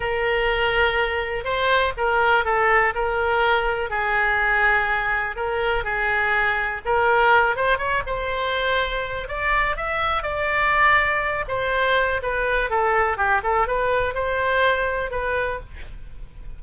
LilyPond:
\new Staff \with { instrumentName = "oboe" } { \time 4/4 \tempo 4 = 123 ais'2. c''4 | ais'4 a'4 ais'2 | gis'2. ais'4 | gis'2 ais'4. c''8 |
cis''8 c''2~ c''8 d''4 | e''4 d''2~ d''8 c''8~ | c''4 b'4 a'4 g'8 a'8 | b'4 c''2 b'4 | }